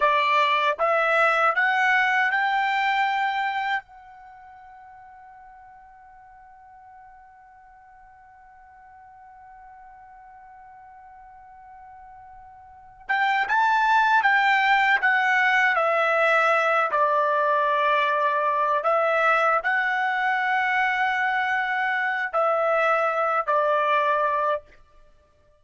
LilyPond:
\new Staff \with { instrumentName = "trumpet" } { \time 4/4 \tempo 4 = 78 d''4 e''4 fis''4 g''4~ | g''4 fis''2.~ | fis''1~ | fis''1~ |
fis''4 g''8 a''4 g''4 fis''8~ | fis''8 e''4. d''2~ | d''8 e''4 fis''2~ fis''8~ | fis''4 e''4. d''4. | }